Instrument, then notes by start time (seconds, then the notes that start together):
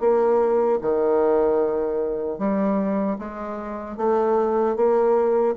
bassoon
0.00 A#3
0.81 D#3
2.38 G3
3.18 G#3
3.97 A3
4.76 A#3